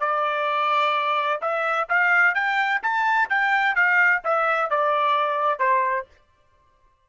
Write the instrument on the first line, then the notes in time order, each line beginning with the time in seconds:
trumpet
0.00 D5
1.41 E5
1.89 F5
2.35 G5
2.83 A5
3.29 G5
3.75 F5
4.24 E5
4.70 D5
5.59 C5